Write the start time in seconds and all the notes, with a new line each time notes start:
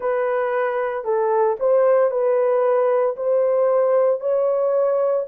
0.00 B4
1.04 A4
1.59 C5
2.11 B4
3.16 C5
4.20 C#5